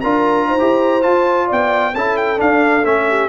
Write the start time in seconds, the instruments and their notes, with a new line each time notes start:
0.00 tuba D4, trombone F4, horn A#4, trumpet A#5
0.47 tuba D#4, horn C5
0.58 tuba E4, trombone G4
1.02 trombone F4, tuba F4, trumpet A5
1.47 tuba B3, horn D5, trumpet G5
1.93 tuba C#4, trombone E4, horn A4, trumpet A5
2.16 trumpet G5
2.37 trombone D4, tuba D4, trumpet F5
2.84 tuba A3, trombone C#4, trumpet E5
3.09 horn G4